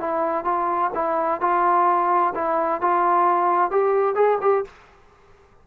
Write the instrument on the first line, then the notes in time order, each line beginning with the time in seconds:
trombone
0.00 E4
0.44 F4
0.94 E4
1.41 F4
2.34 E4
2.81 F4
3.71 G4
4.15 G#4
4.41 G4